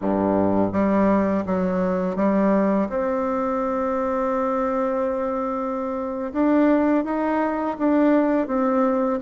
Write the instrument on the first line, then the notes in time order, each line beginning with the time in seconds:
bassoon
0.01 G2
0.72 G3
1.46 F#3
2.16 G3
2.89 C4
6.32 D4
7.04 D#4
7.78 D4
8.47 C4